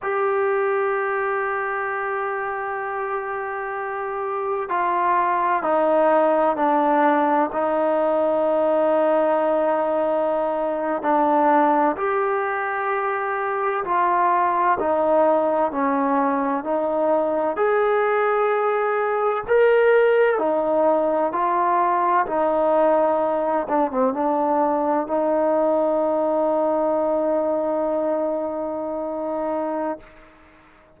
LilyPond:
\new Staff \with { instrumentName = "trombone" } { \time 4/4 \tempo 4 = 64 g'1~ | g'4 f'4 dis'4 d'4 | dis'2.~ dis'8. d'16~ | d'8. g'2 f'4 dis'16~ |
dis'8. cis'4 dis'4 gis'4~ gis'16~ | gis'8. ais'4 dis'4 f'4 dis'16~ | dis'4~ dis'16 d'16 c'16 d'4 dis'4~ dis'16~ | dis'1 | }